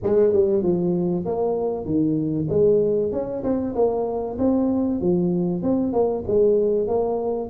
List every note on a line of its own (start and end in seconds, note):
0.03 0.33 G#3
0.33 0.62 G3
0.62 1.25 F3
1.25 1.85 A#3
1.85 2.47 D#3
2.49 3.11 G#3
3.11 3.43 C#4
3.43 3.74 C4
3.75 4.38 A#3
4.38 5.00 C4
5.00 5.62 F3
5.62 5.92 C4
5.92 6.24 A#3
6.27 6.88 G#3
6.88 7.49 A#3